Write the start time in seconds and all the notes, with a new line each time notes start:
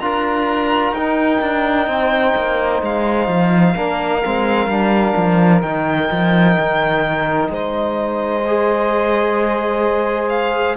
0.00 D4 F4 A#4 A#5
0.92 D#4 G5
1.41 D4
1.87 C4 C5
2.36 A#3
2.83 G#3 F5
3.28 F3
3.75 A#3 D4 A#4
4.24 G#3 C4
4.67 G3 D4
5.17 F3
5.62 D#3 D#4 G5
6.11 F3
6.59 D#3
7.49 G#3 C5 D#5
8.47 G#4
10.29 F5